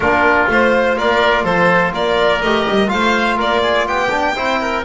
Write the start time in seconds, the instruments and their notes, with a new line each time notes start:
0.00 double bass A#3, trombone D4, oboe F4, violin A#4
0.47 double bass A3, trombone F4, violin C5
0.97 double bass A#3, oboe A#4, violin D5
1.43 double bass F3, oboe A4, violin C5
1.92 double bass A#3, oboe A#4, violin D5
2.42 double bass A3, trombone G4, violin D#5
2.68 double bass G3
2.87 double bass A3, trombone F4, oboe C5, violin F5
3.36 double bass A#3, oboe A#4, violin D5
3.62 oboe G#4
3.86 double bass B3, oboe G4, violin G5
4.10 trombone D4
4.35 double bass C4, trombone E4, oboe C5
4.61 oboe A#4